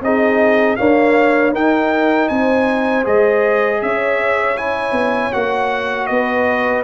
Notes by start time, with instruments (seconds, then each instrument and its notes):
0.00 tuba C4, trombone D#4, horn G#4, trumpet D#5
0.76 trombone A#3, tuba D4, horn C#5, trumpet F5
1.52 tuba D#4, trombone D#4, horn A#4, trumpet G5
2.28 tuba C4, horn C5, trumpet G#5
3.03 tuba G#3, trombone G#4, trumpet D#5
3.81 tuba C#4, horn C#5, trumpet E5
4.57 trombone E4, trumpet G#5
4.92 tuba B3
5.32 tuba A#3, trombone F#4, trumpet F#5
6.06 tuba B3, horn B4, trumpet D#5